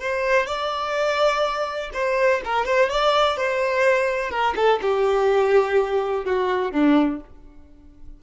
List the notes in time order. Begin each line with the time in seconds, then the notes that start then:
0.00 C5
0.47 D5
1.94 C5
2.44 A#4
2.66 C5
2.89 D5
3.37 C5
4.30 A#4
4.56 A4
4.82 G4
6.25 F#4
6.72 D4